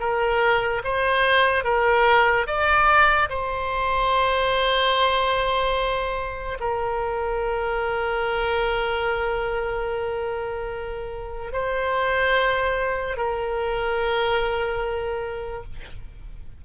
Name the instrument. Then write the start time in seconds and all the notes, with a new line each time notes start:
oboe
0.00 A#4
0.84 C5
1.64 A#4
2.47 D5
3.30 C5
6.60 A#4
11.53 C5
13.17 A#4